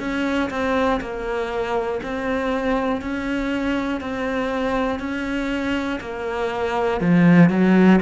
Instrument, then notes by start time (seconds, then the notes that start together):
cello
0.00 C#4
0.50 C4
1.01 A#3
2.03 C4
3.01 C#4
4.01 C4
5.00 C#4
6.00 A#3
7.01 F3
7.50 F#3